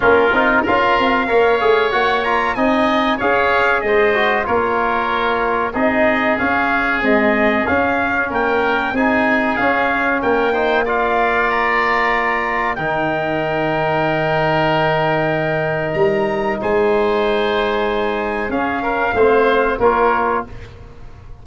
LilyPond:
<<
  \new Staff \with { instrumentName = "trumpet" } { \time 4/4 \tempo 4 = 94 ais'4 f''2 fis''8 ais''8 | gis''4 f''4 dis''4 cis''4~ | cis''4 dis''4 f''4 dis''4 | f''4 g''4 gis''4 f''4 |
g''4 f''4 ais''2 | g''1~ | g''4 ais''4 gis''2~ | gis''4 f''2 cis''4 | }
  \new Staff \with { instrumentName = "oboe" } { \time 4/4 f'4 ais'4 cis''2 | dis''4 cis''4 c''4 ais'4~ | ais'4 gis'2.~ | gis'4 ais'4 gis'2 |
ais'8 c''8 d''2. | ais'1~ | ais'2 c''2~ | c''4 gis'8 ais'8 c''4 ais'4 | }
  \new Staff \with { instrumentName = "trombone" } { \time 4/4 cis'8 dis'8 f'4 ais'8 gis'8 fis'8 f'8 | dis'4 gis'4. fis'8 f'4~ | f'4 dis'4 cis'4 gis4 | cis'2 dis'4 cis'4~ |
cis'8 dis'8 f'2. | dis'1~ | dis'1~ | dis'4 cis'4 c'4 f'4 | }
  \new Staff \with { instrumentName = "tuba" } { \time 4/4 ais8 c'8 cis'8 c'8 ais8 a8 ais4 | c'4 cis'4 gis4 ais4~ | ais4 c'4 cis'4 c'4 | cis'4 ais4 c'4 cis'4 |
ais1 | dis1~ | dis4 g4 gis2~ | gis4 cis'4 a4 ais4 | }
>>